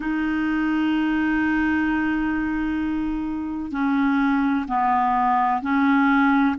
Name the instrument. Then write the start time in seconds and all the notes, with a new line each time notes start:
clarinet
0.00 D#4
3.71 C#4
4.67 B3
5.62 C#4